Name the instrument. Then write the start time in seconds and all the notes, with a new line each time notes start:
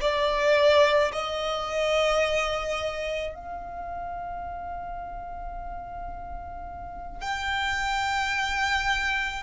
violin
0.00 D5
1.12 D#5
3.34 F5
7.21 G5